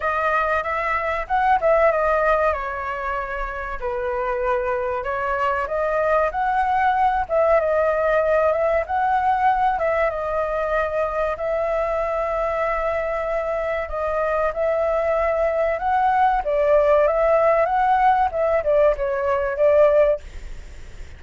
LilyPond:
\new Staff \with { instrumentName = "flute" } { \time 4/4 \tempo 4 = 95 dis''4 e''4 fis''8 e''8 dis''4 | cis''2 b'2 | cis''4 dis''4 fis''4. e''8 | dis''4. e''8 fis''4. e''8 |
dis''2 e''2~ | e''2 dis''4 e''4~ | e''4 fis''4 d''4 e''4 | fis''4 e''8 d''8 cis''4 d''4 | }